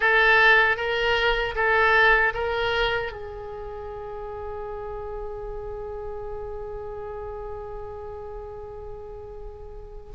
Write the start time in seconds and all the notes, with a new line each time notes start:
0.00 A4
0.77 A#4
1.55 A4
2.34 A#4
3.12 G#4